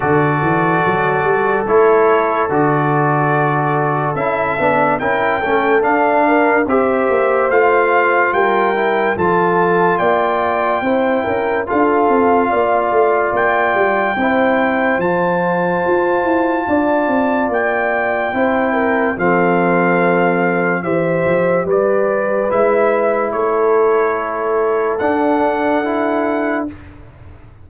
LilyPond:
<<
  \new Staff \with { instrumentName = "trumpet" } { \time 4/4 \tempo 4 = 72 d''2 cis''4 d''4~ | d''4 e''4 g''4 f''4 | e''4 f''4 g''4 a''4 | g''2 f''2 |
g''2 a''2~ | a''4 g''2 f''4~ | f''4 e''4 d''4 e''4 | cis''2 fis''2 | }
  \new Staff \with { instrumentName = "horn" } { \time 4/4 a'1~ | a'2 ais'8 a'4 ais'8 | c''2 ais'4 a'4 | d''4 c''8 ais'8 a'4 d''4~ |
d''4 c''2. | d''2 c''8 ais'8 a'4~ | a'4 c''4 b'2 | a'1 | }
  \new Staff \with { instrumentName = "trombone" } { \time 4/4 fis'2 e'4 fis'4~ | fis'4 e'8 d'8 e'8 cis'8 d'4 | g'4 f'4. e'8 f'4~ | f'4 e'4 f'2~ |
f'4 e'4 f'2~ | f'2 e'4 c'4~ | c'4 g'2 e'4~ | e'2 d'4 e'4 | }
  \new Staff \with { instrumentName = "tuba" } { \time 4/4 d8 e8 fis8 g8 a4 d4~ | d4 cis'8 b8 cis'8 a8 d'4 | c'8 ais8 a4 g4 f4 | ais4 c'8 cis'8 d'8 c'8 ais8 a8 |
ais8 g8 c'4 f4 f'8 e'8 | d'8 c'8 ais4 c'4 f4~ | f4 e8 f8 g4 gis4 | a2 d'2 | }
>>